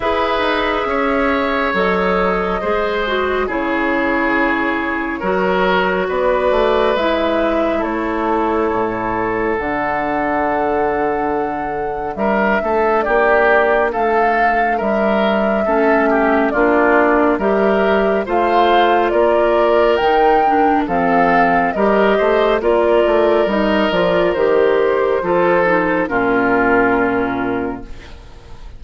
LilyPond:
<<
  \new Staff \with { instrumentName = "flute" } { \time 4/4 \tempo 4 = 69 e''2 dis''2 | cis''2. d''4 | e''4 cis''2 fis''4~ | fis''2 e''4 d''4 |
f''4 e''2 d''4 | e''4 f''4 d''4 g''4 | f''4 dis''4 d''4 dis''8 d''8 | c''2 ais'2 | }
  \new Staff \with { instrumentName = "oboe" } { \time 4/4 b'4 cis''2 c''4 | gis'2 ais'4 b'4~ | b'4 a'2.~ | a'2 ais'8 a'8 g'4 |
a'4 ais'4 a'8 g'8 f'4 | ais'4 c''4 ais'2 | a'4 ais'8 c''8 ais'2~ | ais'4 a'4 f'2 | }
  \new Staff \with { instrumentName = "clarinet" } { \time 4/4 gis'2 a'4 gis'8 fis'8 | e'2 fis'2 | e'2. d'4~ | d'1~ |
d'2 cis'4 d'4 | g'4 f'2 dis'8 d'8 | c'4 g'4 f'4 dis'8 f'8 | g'4 f'8 dis'8 cis'2 | }
  \new Staff \with { instrumentName = "bassoon" } { \time 4/4 e'8 dis'8 cis'4 fis4 gis4 | cis2 fis4 b8 a8 | gis4 a4 a,4 d4~ | d2 g8 a8 ais4 |
a4 g4 a4 ais4 | g4 a4 ais4 dis4 | f4 g8 a8 ais8 a8 g8 f8 | dis4 f4 ais,2 | }
>>